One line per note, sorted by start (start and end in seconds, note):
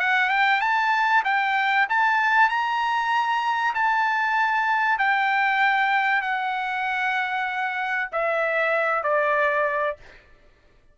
0.00 0.30 F#5
0.30 0.61 G5
0.61 1.24 A5
1.25 1.87 G5
1.89 2.49 A5
2.49 3.74 A#5
3.74 4.99 A5
4.99 6.22 G5
6.22 8.09 F#5
8.12 9.03 E5
9.03 9.97 D5